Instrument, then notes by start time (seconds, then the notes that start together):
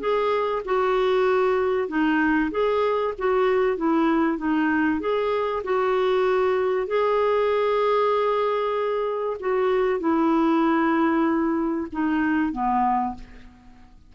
clarinet
0.00 G#4
0.65 F#4
1.88 D#4
2.51 G#4
3.18 F#4
3.77 E4
4.38 D#4
5.01 G#4
5.64 F#4
6.87 G#4
9.40 F#4
10.00 E4
11.93 D#4
12.53 B3